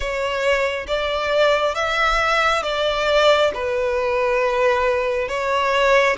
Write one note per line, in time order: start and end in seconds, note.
0.00 0.86 C#5
0.87 1.74 D5
1.74 2.62 E5
2.62 3.51 D5
3.53 5.28 B4
5.28 6.16 C#5